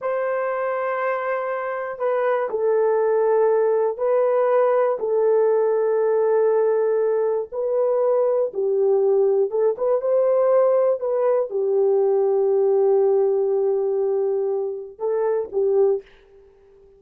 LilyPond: \new Staff \with { instrumentName = "horn" } { \time 4/4 \tempo 4 = 120 c''1 | b'4 a'2. | b'2 a'2~ | a'2. b'4~ |
b'4 g'2 a'8 b'8 | c''2 b'4 g'4~ | g'1~ | g'2 a'4 g'4 | }